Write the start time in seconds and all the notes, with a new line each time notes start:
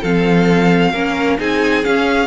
0.00 F3 C4 A4 F5
0.91 A#3 C#4 A#4
1.38 C4 D#4 G#4 G#5
1.83 C#4 F5